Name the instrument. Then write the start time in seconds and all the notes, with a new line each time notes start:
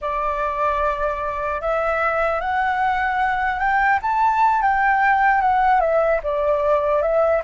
flute
0.01 D5
1.61 E5
2.40 F#5
3.59 G5
4.01 A5
4.62 G5
5.41 F#5
5.80 E5
6.23 D5
7.02 E5